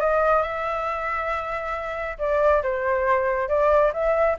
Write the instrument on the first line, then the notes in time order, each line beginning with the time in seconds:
flute
0.00 D#5
0.42 E5
2.19 D5
2.63 C5
3.48 D5
3.93 E5